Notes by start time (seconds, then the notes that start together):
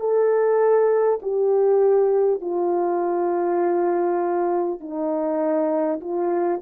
0.00 A4
1.22 G4
2.41 F4
4.81 D#4
6.01 F4